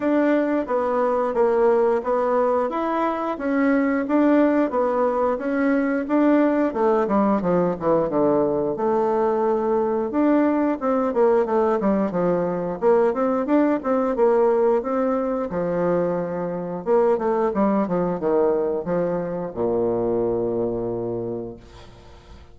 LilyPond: \new Staff \with { instrumentName = "bassoon" } { \time 4/4 \tempo 4 = 89 d'4 b4 ais4 b4 | e'4 cis'4 d'4 b4 | cis'4 d'4 a8 g8 f8 e8 | d4 a2 d'4 |
c'8 ais8 a8 g8 f4 ais8 c'8 | d'8 c'8 ais4 c'4 f4~ | f4 ais8 a8 g8 f8 dis4 | f4 ais,2. | }